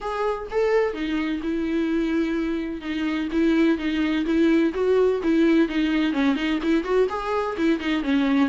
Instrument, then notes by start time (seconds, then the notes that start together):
viola
0.00 G#4
0.51 A4
0.93 D#4
1.42 E4
2.81 D#4
3.32 E4
3.78 D#4
4.25 E4
4.74 F#4
5.23 E4
5.68 D#4
6.12 C#4
6.35 D#4
6.62 E4
6.84 F#4
7.09 G#4
7.57 E4
7.79 D#4
8.02 C#4